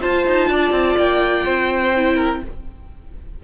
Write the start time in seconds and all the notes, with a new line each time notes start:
0.00 F4 C5 A5
0.27 D#4
0.49 D4 D5
0.71 C4
0.97 A#3 G5
1.45 C4 C5
1.96 E4
2.16 A#4